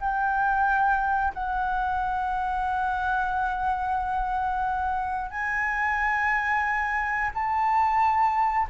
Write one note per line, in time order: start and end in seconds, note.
0.00 1.33 G5
1.34 5.31 F#5
5.31 7.31 G#5
7.34 8.67 A5